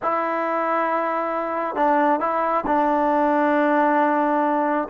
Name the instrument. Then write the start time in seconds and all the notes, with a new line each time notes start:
trombone
0.02 E4
1.75 D4
2.20 E4
2.66 D4